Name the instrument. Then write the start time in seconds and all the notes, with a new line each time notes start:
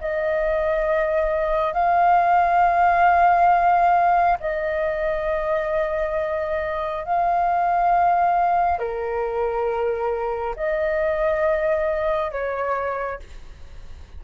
flute
0.00 D#5
1.73 F5
4.40 D#5
7.04 F5
8.78 A#4
10.56 D#5
12.31 C#5